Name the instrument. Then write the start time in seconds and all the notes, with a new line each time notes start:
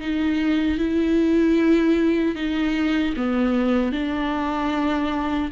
viola
0.00 D#4
0.78 E4
2.35 D#4
3.17 B3
3.92 D4